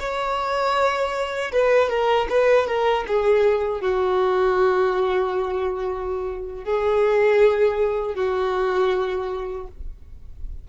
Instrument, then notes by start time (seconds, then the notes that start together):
violin
0.00 C#5
1.53 B4
1.90 A#4
2.30 B4
2.67 A#4
3.08 G#4
3.81 F#4
6.65 G#4
8.15 F#4